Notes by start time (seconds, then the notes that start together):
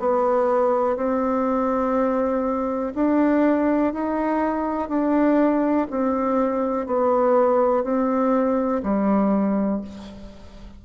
0.00 B3
0.97 C4
2.95 D4
3.93 D#4
4.89 D4
5.91 C4
6.87 B3
7.84 C4
8.83 G3